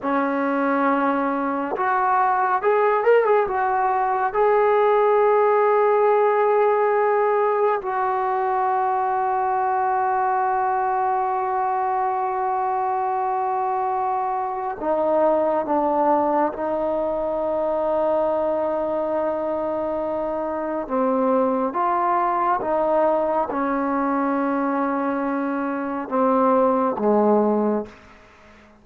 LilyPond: \new Staff \with { instrumentName = "trombone" } { \time 4/4 \tempo 4 = 69 cis'2 fis'4 gis'8 ais'16 gis'16 | fis'4 gis'2.~ | gis'4 fis'2.~ | fis'1~ |
fis'4 dis'4 d'4 dis'4~ | dis'1 | c'4 f'4 dis'4 cis'4~ | cis'2 c'4 gis4 | }